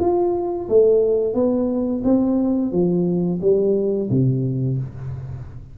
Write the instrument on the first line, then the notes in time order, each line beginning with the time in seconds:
tuba
0.00 F4
0.69 A3
1.35 B3
2.05 C4
2.72 F3
3.42 G3
4.10 C3